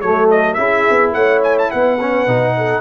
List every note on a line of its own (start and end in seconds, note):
0.00 0.57 F#3
0.00 0.57 A3
0.00 0.58 A4
0.00 0.28 C#5
0.30 0.53 D#5
0.53 0.85 C#4
0.53 1.98 E4
0.53 1.14 G#4
0.53 1.10 E5
0.90 1.14 B3
1.13 1.70 A3
1.13 1.71 C#5
1.13 1.41 F#5
1.43 1.57 G#5
1.58 1.71 A5
1.71 2.27 B3
1.71 2.56 B4
1.71 2.81 F#5
2.00 2.27 C#4
2.27 2.81 B2
2.27 2.81 D#4
2.57 2.81 A4